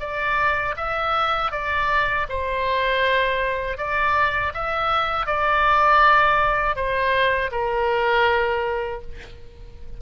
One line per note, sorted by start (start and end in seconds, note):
0.00 0.75 D5
0.77 1.52 E5
1.52 2.27 D5
2.29 3.78 C5
3.78 4.53 D5
4.54 5.27 E5
5.27 6.76 D5
6.76 7.51 C5
7.52 9.02 A#4